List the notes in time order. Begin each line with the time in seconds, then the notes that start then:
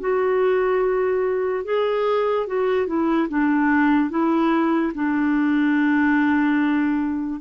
0.00 F#4
1.64 G#4
2.47 F#4
2.87 E4
3.29 D4
4.10 E4
4.94 D4